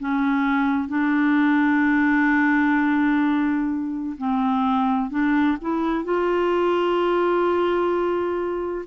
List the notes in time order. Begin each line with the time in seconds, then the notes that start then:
0.00 C#4
0.89 D4
4.18 C4
5.11 D4
5.61 E4
6.05 F4